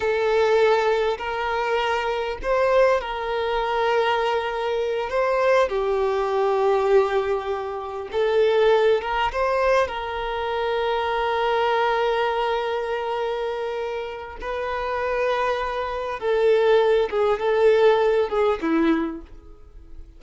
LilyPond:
\new Staff \with { instrumentName = "violin" } { \time 4/4 \tempo 4 = 100 a'2 ais'2 | c''4 ais'2.~ | ais'8 c''4 g'2~ g'8~ | g'4. a'4. ais'8 c''8~ |
c''8 ais'2.~ ais'8~ | ais'1 | b'2. a'4~ | a'8 gis'8 a'4. gis'8 e'4 | }